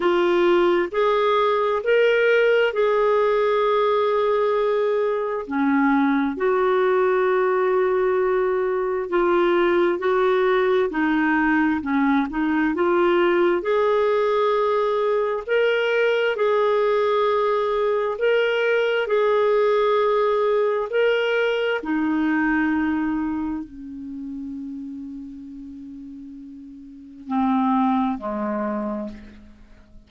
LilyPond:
\new Staff \with { instrumentName = "clarinet" } { \time 4/4 \tempo 4 = 66 f'4 gis'4 ais'4 gis'4~ | gis'2 cis'4 fis'4~ | fis'2 f'4 fis'4 | dis'4 cis'8 dis'8 f'4 gis'4~ |
gis'4 ais'4 gis'2 | ais'4 gis'2 ais'4 | dis'2 cis'2~ | cis'2 c'4 gis4 | }